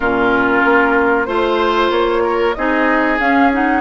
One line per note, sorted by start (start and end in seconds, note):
0.00 0.63 A#2
0.00 1.26 C#4
0.00 1.27 F4
0.00 1.25 A#4
0.64 1.27 A#3
1.25 1.90 A3
1.25 2.54 F4
1.25 1.89 C5
1.25 2.22 C5
1.90 2.54 A#3
1.90 2.54 C#5
2.23 2.55 A#4
2.54 3.19 C4
2.54 3.18 D#4
2.54 3.80 G#4
2.54 3.18 D#5
3.18 3.50 C#4
3.18 3.80 C#4
3.18 3.51 F5
3.52 3.80 D#4
3.52 3.80 F#5